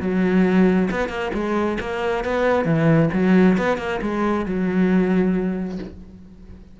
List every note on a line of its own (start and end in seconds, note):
0.00 0.89 F#3
0.91 1.09 B3
1.09 1.31 A#3
1.33 1.78 G#3
1.80 2.24 A#3
2.24 2.65 B3
2.65 3.09 E3
3.13 3.57 F#3
3.57 3.78 B3
3.78 4.00 A#3
4.01 4.45 G#3
4.45 5.79 F#3